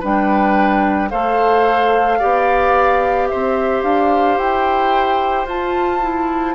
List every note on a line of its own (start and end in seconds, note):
0.00 1.12 G3
0.00 1.11 D4
0.00 1.09 B4
0.00 1.10 G5
1.10 2.21 A3
1.10 2.20 A4
1.10 2.19 C5
1.10 3.28 F5
2.19 3.32 B3
2.19 5.47 G4
2.19 3.28 D5
3.28 3.83 C4
3.28 6.56 C5
3.28 3.83 E5
3.83 4.38 D4
3.83 4.38 F5
4.38 5.46 E4
4.38 5.47 G5
5.46 6.55 F4
5.46 6.02 F4
5.46 6.56 A5
6.02 6.56 E4